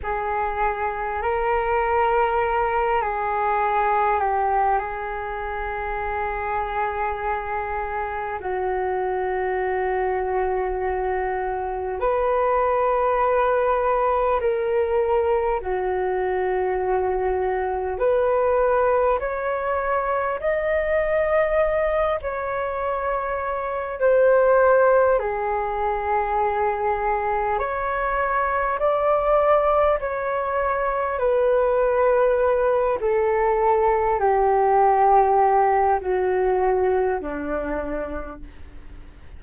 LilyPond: \new Staff \with { instrumentName = "flute" } { \time 4/4 \tempo 4 = 50 gis'4 ais'4. gis'4 g'8 | gis'2. fis'4~ | fis'2 b'2 | ais'4 fis'2 b'4 |
cis''4 dis''4. cis''4. | c''4 gis'2 cis''4 | d''4 cis''4 b'4. a'8~ | a'8 g'4. fis'4 d'4 | }